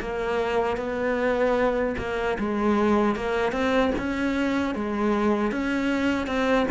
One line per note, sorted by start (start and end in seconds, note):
0.00 0.76 A#3
0.76 1.95 B3
1.98 2.37 A#3
2.39 3.15 G#3
3.15 3.52 A#3
3.52 3.91 C4
3.98 4.75 C#4
4.75 5.51 G#3
5.51 6.27 C#4
6.27 6.66 C4